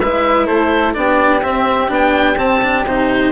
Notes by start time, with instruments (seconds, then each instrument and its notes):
0.00 bassoon G#3, cello E4, flute B4, oboe E5
0.47 bassoon A3, flute A4, oboe C5
0.94 bassoon B3, cello D4, flute G4, oboe D5
1.43 bassoon C4, cello C4, oboe E5
1.88 bassoon B3, cello D4, oboe G5
2.38 cello C4, bassoon C4, oboe A5
2.62 cello D4
2.85 bassoon C3, cello D#4, oboe C5